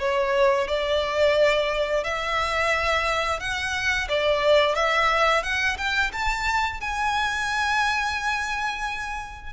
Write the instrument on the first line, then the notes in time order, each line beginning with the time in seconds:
violin
0.00 C#5
0.68 D5
2.04 E5
3.40 F#5
4.09 D5
4.75 E5
5.44 F#5
5.78 G5
6.13 A5
6.81 G#5